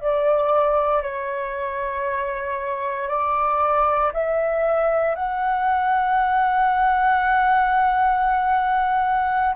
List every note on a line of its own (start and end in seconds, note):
0.00 1.02 D5
1.02 3.08 C#5
3.08 4.11 D5
4.13 5.15 E5
5.15 9.55 F#5